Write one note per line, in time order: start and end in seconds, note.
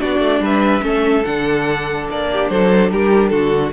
0.00 0.19 B3
0.00 0.81 D4
0.00 0.41 F#4
0.00 0.42 D5
0.19 0.40 A3
0.40 0.81 G3
0.40 0.84 B4
0.40 1.25 E5
0.81 1.24 A3
0.81 1.23 C#4
0.81 2.29 A4
1.25 2.09 D3
1.25 3.73 D4
1.25 2.07 F#5
2.10 2.50 A#3
2.10 2.49 D5
2.32 2.52 G4
2.49 2.91 F#3
2.49 2.93 A4
2.49 2.90 C5
2.91 3.32 G3
2.91 3.32 G4
2.91 3.29 A#4
3.29 3.73 D3
3.29 3.73 F#4
3.29 3.71 A4